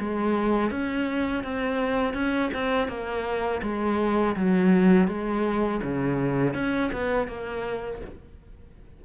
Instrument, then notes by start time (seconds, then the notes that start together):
cello
0.00 G#3
0.71 C#4
1.44 C4
2.14 C#4
2.54 C4
2.88 A#3
3.63 G#3
4.36 F#3
5.08 G#3
5.83 C#3
6.55 C#4
6.93 B3
7.28 A#3